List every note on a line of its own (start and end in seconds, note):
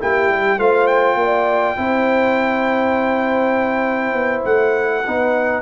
0.00 0.29 A#3
0.00 0.59 E4
0.00 0.59 G4
0.00 0.60 G5
0.29 0.58 G3
0.58 1.16 A3
0.58 1.77 F4
0.58 1.18 C5
0.58 0.87 F5
0.87 4.44 G5
1.16 1.75 A#3
1.16 1.79 D5
1.77 4.14 C4
1.77 5.04 E4
1.77 5.05 C5
4.14 4.44 B3
4.45 5.05 A3
4.45 5.63 F#5
5.05 5.63 B3
5.05 5.63 D#4
5.05 5.63 B4